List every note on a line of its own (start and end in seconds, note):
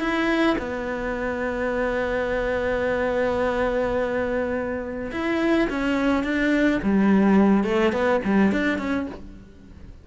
0.00 0.57 E4
0.59 5.12 B3
5.12 5.69 E4
5.70 6.24 C#4
6.24 6.80 D4
6.83 7.64 G3
7.64 7.93 A3
7.93 8.21 B3
8.25 8.52 G3
8.52 8.79 D4
8.79 9.07 C#4